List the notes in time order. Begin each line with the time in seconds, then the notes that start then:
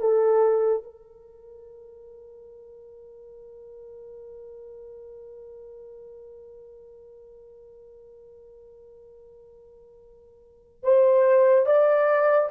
0.00 A4
0.83 A#4
10.83 C5
11.66 D5